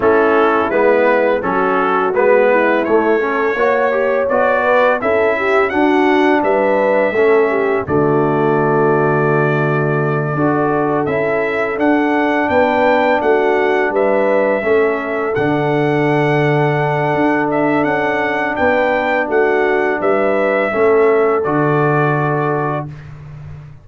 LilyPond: <<
  \new Staff \with { instrumentName = "trumpet" } { \time 4/4 \tempo 4 = 84 a'4 b'4 a'4 b'4 | cis''2 d''4 e''4 | fis''4 e''2 d''4~ | d''2.~ d''8 e''8~ |
e''8 fis''4 g''4 fis''4 e''8~ | e''4. fis''2~ fis''8~ | fis''8 e''8 fis''4 g''4 fis''4 | e''2 d''2 | }
  \new Staff \with { instrumentName = "horn" } { \time 4/4 e'2 fis'4. e'8~ | e'8 a'8 cis''4. b'8 a'8 g'8 | fis'4 b'4 a'8 g'8 fis'4~ | fis'2~ fis'8 a'4.~ |
a'4. b'4 fis'4 b'8~ | b'8 a'2.~ a'8~ | a'2 b'4 fis'4 | b'4 a'2. | }
  \new Staff \with { instrumentName = "trombone" } { \time 4/4 cis'4 b4 cis'4 b4 | a8 cis'8 fis'8 g'8 fis'4 e'4 | d'2 cis'4 a4~ | a2~ a8 fis'4 e'8~ |
e'8 d'2.~ d'8~ | d'8 cis'4 d'2~ d'8~ | d'1~ | d'4 cis'4 fis'2 | }
  \new Staff \with { instrumentName = "tuba" } { \time 4/4 a4 gis4 fis4 gis4 | a4 ais4 b4 cis'4 | d'4 g4 a4 d4~ | d2~ d8 d'4 cis'8~ |
cis'8 d'4 b4 a4 g8~ | g8 a4 d2~ d8 | d'4 cis'4 b4 a4 | g4 a4 d2 | }
>>